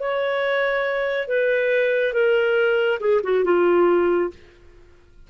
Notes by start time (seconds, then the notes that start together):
0.00 C#5
1.28 B4
2.14 A#4
3.00 G#4
3.24 F#4
3.45 F4